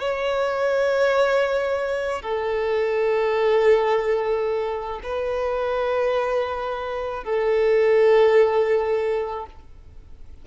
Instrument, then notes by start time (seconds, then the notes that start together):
violin
0.00 C#5
2.22 A4
5.04 B4
7.24 A4